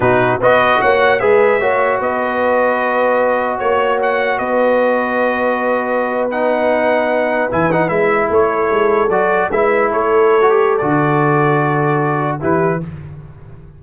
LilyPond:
<<
  \new Staff \with { instrumentName = "trumpet" } { \time 4/4 \tempo 4 = 150 b'4 dis''4 fis''4 e''4~ | e''4 dis''2.~ | dis''4 cis''4 fis''4 dis''4~ | dis''2.~ dis''8. fis''16~ |
fis''2~ fis''8. gis''8 fis''8 e''16~ | e''8. cis''2 d''4 e''16~ | e''8. cis''2~ cis''16 d''4~ | d''2. b'4 | }
  \new Staff \with { instrumentName = "horn" } { \time 4/4 fis'4 b'4 cis''4 b'4 | cis''4 b'2.~ | b'4 cis''2 b'4~ | b'1~ |
b'1~ | b'8. a'2. b'16~ | b'8. a'2.~ a'16~ | a'2. g'4 | }
  \new Staff \with { instrumentName = "trombone" } { \time 4/4 dis'4 fis'2 gis'4 | fis'1~ | fis'1~ | fis'2.~ fis'8. dis'16~ |
dis'2~ dis'8. e'8 dis'8 e'16~ | e'2~ e'8. fis'4 e'16~ | e'2 fis'16 g'8. fis'4~ | fis'2. e'4 | }
  \new Staff \with { instrumentName = "tuba" } { \time 4/4 b,4 b4 ais4 gis4 | ais4 b2.~ | b4 ais2 b4~ | b1~ |
b2~ b8. e4 gis16~ | gis8. a4 gis4 fis4 gis16~ | gis8. a2~ a16 d4~ | d2. e4 | }
>>